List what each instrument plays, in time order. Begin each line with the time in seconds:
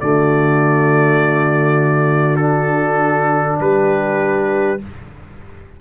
0.00 tuba D3, trombone A3, horn F#4, trumpet D5
2.37 trombone D4, trumpet A4
3.60 tuba G3, horn G4, trumpet B4